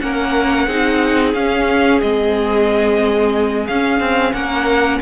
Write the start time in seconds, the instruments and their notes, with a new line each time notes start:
0.00 cello A#3, viola C#4, violin A#4 F#5
0.67 cello C4, viola D#4, violin G#4
1.34 cello C#4, viola C#4, violin F5
2.01 cello G#3, viola C4, violin D#5
3.67 cello C#4, viola C#4, violin F5
3.99 cello C4
4.33 cello A#3, violin A#4 F#5